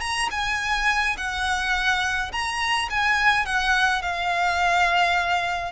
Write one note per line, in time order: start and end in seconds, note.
0.00 0.29 A#5
0.30 1.16 G#5
1.17 2.31 F#5
2.31 2.89 A#5
2.90 3.45 G#5
3.45 4.02 F#5
4.02 5.72 F5